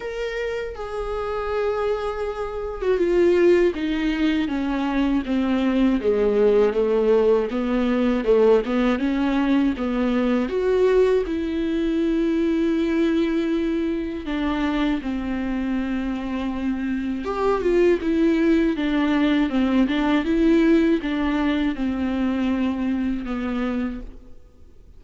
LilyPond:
\new Staff \with { instrumentName = "viola" } { \time 4/4 \tempo 4 = 80 ais'4 gis'2~ gis'8. fis'16 | f'4 dis'4 cis'4 c'4 | gis4 a4 b4 a8 b8 | cis'4 b4 fis'4 e'4~ |
e'2. d'4 | c'2. g'8 f'8 | e'4 d'4 c'8 d'8 e'4 | d'4 c'2 b4 | }